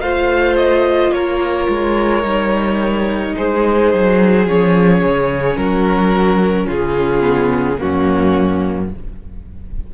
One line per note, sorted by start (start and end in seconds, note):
0.00 1.11 A3
0.00 2.22 F4
0.00 1.13 C5
0.00 0.56 F5
0.56 1.12 D#5
1.11 1.67 A#3
1.11 3.35 A#4
1.11 3.34 C#5
1.68 2.23 G#3
2.22 3.34 G3
2.22 4.44 D#4
3.35 3.93 G#3
3.35 5.58 G#4
3.35 4.47 C5
3.93 4.47 F#3
4.47 5.02 F3
4.47 7.20 C#4
4.47 5.56 C#5
5.03 5.56 C#3
5.56 6.67 F#3
5.56 6.66 F#4
5.56 6.67 A#4
6.66 7.79 C#3
6.66 7.77 F4
6.66 7.79 G#4
7.20 7.76 B3
7.78 8.94 F#2
7.78 8.89 A#3
7.78 8.91 C#4
7.78 8.90 F#4